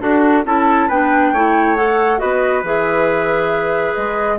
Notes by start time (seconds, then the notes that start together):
0.00 D4 F#4 A4
0.46 C#4 E4 A4 A5
0.88 B3 D4 B4 G5
1.33 A3 E4 C#5
1.76 A4 F#5
2.19 B3 F#4 B4 D#5
2.63 E3 G#4 E5
3.95 G#3 D#5